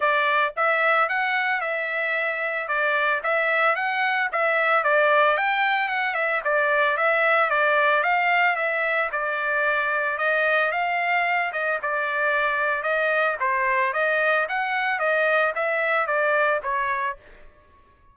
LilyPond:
\new Staff \with { instrumentName = "trumpet" } { \time 4/4 \tempo 4 = 112 d''4 e''4 fis''4 e''4~ | e''4 d''4 e''4 fis''4 | e''4 d''4 g''4 fis''8 e''8 | d''4 e''4 d''4 f''4 |
e''4 d''2 dis''4 | f''4. dis''8 d''2 | dis''4 c''4 dis''4 fis''4 | dis''4 e''4 d''4 cis''4 | }